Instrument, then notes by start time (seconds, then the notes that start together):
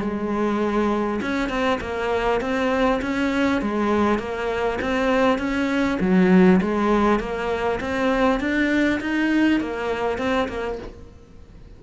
cello
0.00 G#3
1.21 C#4
1.49 C4
1.80 A#3
2.41 C4
3.01 C#4
3.61 G#3
4.18 A#3
4.81 C4
5.38 C#4
6.00 F#3
6.61 G#3
7.19 A#3
7.80 C4
8.40 D4
9.00 D#4
9.60 A#3
10.18 C4
10.48 A#3